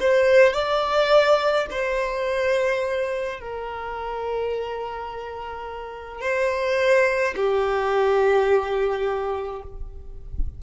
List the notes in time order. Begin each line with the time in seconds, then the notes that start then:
0.00 C5
0.53 D5
1.70 C5
3.40 A#4
6.21 C5
7.36 G4